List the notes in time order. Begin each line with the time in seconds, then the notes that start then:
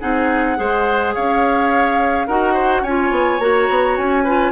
0.00 C4 D#4 G#4 F#5
0.57 G#3 G#4 C5
1.15 C#4 C#5 F5
2.27 D#4 F#4 A#4 F#5
2.54 C5
2.82 C#4 F4 C#5 G#5
3.11 B3
3.39 A#3 F#4 A#5
3.70 B3
3.98 C#4 G#5
4.24 F4 B4